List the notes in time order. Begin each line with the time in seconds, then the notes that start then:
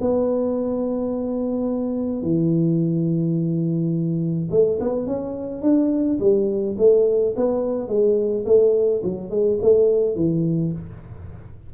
0.00 B3
2.22 E3
4.50 A3
4.80 B3
5.06 C#4
5.62 D4
6.20 G3
6.78 A3
7.36 B3
7.88 G#3
8.45 A3
9.03 F#3
9.30 G#3
9.61 A3
10.15 E3